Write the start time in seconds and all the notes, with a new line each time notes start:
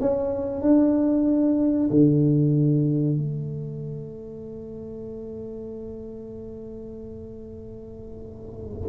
0.00 C#4
0.61 D4
1.90 D3
3.17 A3